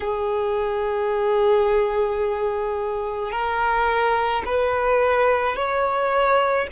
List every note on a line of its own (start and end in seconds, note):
0.00 3.31 G#4
3.31 4.42 A#4
4.45 5.56 B4
5.56 6.67 C#5